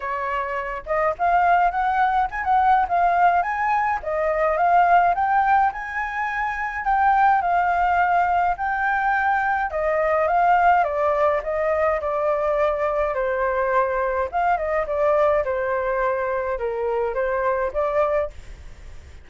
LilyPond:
\new Staff \with { instrumentName = "flute" } { \time 4/4 \tempo 4 = 105 cis''4. dis''8 f''4 fis''4 | gis''16 fis''8. f''4 gis''4 dis''4 | f''4 g''4 gis''2 | g''4 f''2 g''4~ |
g''4 dis''4 f''4 d''4 | dis''4 d''2 c''4~ | c''4 f''8 dis''8 d''4 c''4~ | c''4 ais'4 c''4 d''4 | }